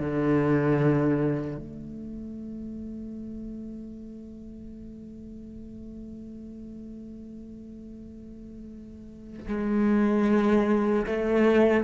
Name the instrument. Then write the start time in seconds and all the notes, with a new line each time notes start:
cello
0.00 D3
1.58 A3
9.48 G#3
11.07 A3